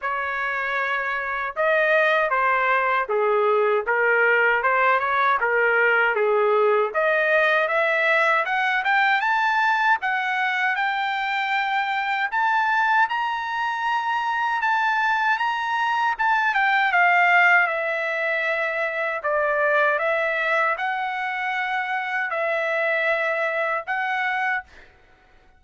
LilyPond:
\new Staff \with { instrumentName = "trumpet" } { \time 4/4 \tempo 4 = 78 cis''2 dis''4 c''4 | gis'4 ais'4 c''8 cis''8 ais'4 | gis'4 dis''4 e''4 fis''8 g''8 | a''4 fis''4 g''2 |
a''4 ais''2 a''4 | ais''4 a''8 g''8 f''4 e''4~ | e''4 d''4 e''4 fis''4~ | fis''4 e''2 fis''4 | }